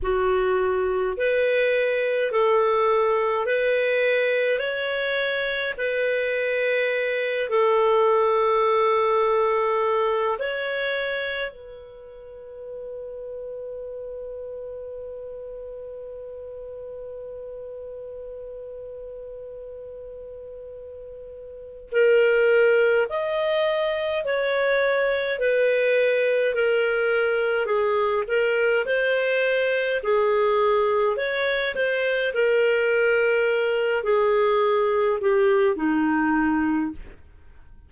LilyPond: \new Staff \with { instrumentName = "clarinet" } { \time 4/4 \tempo 4 = 52 fis'4 b'4 a'4 b'4 | cis''4 b'4. a'4.~ | a'4 cis''4 b'2~ | b'1~ |
b'2. ais'4 | dis''4 cis''4 b'4 ais'4 | gis'8 ais'8 c''4 gis'4 cis''8 c''8 | ais'4. gis'4 g'8 dis'4 | }